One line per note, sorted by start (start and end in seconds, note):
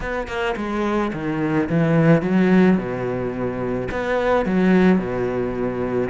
0.00 0.27 B3
0.27 0.55 A#3
0.56 1.11 G#3
1.13 1.68 D#3
1.69 2.22 E3
2.22 2.77 F#3
2.77 3.88 B2
3.91 4.45 B3
4.45 4.98 F#3
4.98 6.09 B2